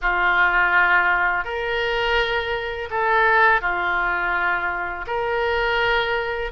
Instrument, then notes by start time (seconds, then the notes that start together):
oboe
0.01 F4
1.44 A#4
2.90 A4
3.61 F4
5.06 A#4